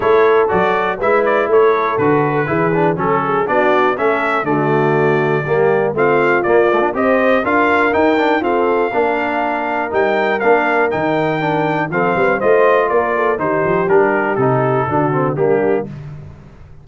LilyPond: <<
  \new Staff \with { instrumentName = "trumpet" } { \time 4/4 \tempo 4 = 121 cis''4 d''4 e''8 d''8 cis''4 | b'2 a'4 d''4 | e''4 d''2. | f''4 d''4 dis''4 f''4 |
g''4 f''2. | g''4 f''4 g''2 | f''4 dis''4 d''4 c''4 | ais'4 a'2 g'4 | }
  \new Staff \with { instrumentName = "horn" } { \time 4/4 a'2 b'4 a'4~ | a'4 gis'4 a'8 gis'8 fis'4 | a'4 fis'2 g'4 | f'2 c''4 ais'4~ |
ais'4 a'4 ais'2~ | ais'1 | a'8 b'8 c''4 ais'8 a'8 g'4~ | g'2 fis'4 d'4 | }
  \new Staff \with { instrumentName = "trombone" } { \time 4/4 e'4 fis'4 e'2 | fis'4 e'8 d'8 cis'4 d'4 | cis'4 a2 ais4 | c'4 ais8 a16 d'16 g'4 f'4 |
dis'8 d'8 c'4 d'2 | dis'4 d'4 dis'4 d'4 | c'4 f'2 dis'4 | d'4 dis'4 d'8 c'8 ais4 | }
  \new Staff \with { instrumentName = "tuba" } { \time 4/4 a4 fis4 gis4 a4 | d4 e4 fis4 b4 | a4 d2 g4 | a4 ais4 c'4 d'4 |
dis'4 f'4 ais2 | g4 ais4 dis2 | f8 g8 a4 ais4 dis8 f8 | g4 c4 d4 g4 | }
>>